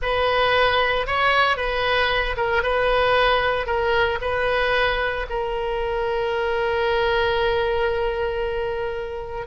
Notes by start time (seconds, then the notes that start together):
0.02 B4
1.06 C#5
1.56 B4
2.36 A#4
2.62 B4
3.66 A#4
4.21 B4
5.29 A#4